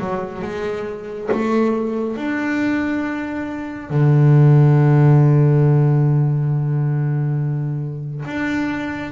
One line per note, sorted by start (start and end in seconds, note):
0.00 0.42 F#3
0.42 1.29 G#3
1.32 2.17 A3
2.17 3.90 D4
3.90 8.25 D3
8.25 9.12 D4